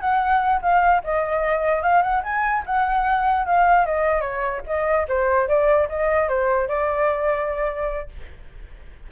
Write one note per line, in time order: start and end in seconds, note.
0.00 0.60 F#5
0.62 1.02 F5
1.03 1.82 D#5
1.82 2.02 F5
2.02 2.22 F#5
2.23 2.63 G#5
2.66 3.46 F#5
3.46 3.85 F5
3.85 4.21 D#5
4.21 4.61 C#5
4.66 5.06 D#5
5.08 5.48 C5
5.48 5.88 D5
5.89 6.29 D#5
6.29 6.68 C5
6.68 8.09 D5